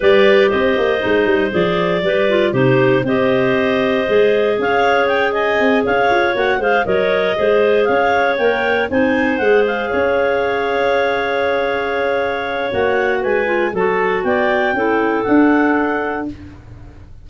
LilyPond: <<
  \new Staff \with { instrumentName = "clarinet" } { \time 4/4 \tempo 4 = 118 d''4 dis''2 d''4~ | d''4 c''4 dis''2~ | dis''4 f''4 g''8 gis''4 f''8~ | f''8 fis''8 f''8 dis''2 f''8~ |
f''8 g''4 gis''4 fis''8 f''4~ | f''1~ | f''4 fis''4 gis''4 a''4 | g''2 fis''2 | }
  \new Staff \with { instrumentName = "clarinet" } { \time 4/4 b'4 c''2. | b'4 g'4 c''2~ | c''4 cis''4. dis''4 cis''8~ | cis''4 c''8 cis''4 c''4 cis''8~ |
cis''4. c''2 cis''8~ | cis''1~ | cis''2 b'4 a'4 | d''4 a'2. | }
  \new Staff \with { instrumentName = "clarinet" } { \time 4/4 g'2 dis'4 gis'4 | g'8 f'8 dis'4 g'2 | gis'1~ | gis'8 fis'8 gis'8 ais'4 gis'4.~ |
gis'8 ais'4 dis'4 gis'4.~ | gis'1~ | gis'4 fis'4. f'8 fis'4~ | fis'4 e'4 d'2 | }
  \new Staff \with { instrumentName = "tuba" } { \time 4/4 g4 c'8 ais8 gis8 g8 f4 | g4 c4 c'2 | gis4 cis'2 c'8 cis'8 | f'8 ais8 gis8 fis4 gis4 cis'8~ |
cis'8 ais4 c'4 gis4 cis'8~ | cis'1~ | cis'4 ais4 gis4 fis4 | b4 cis'4 d'2 | }
>>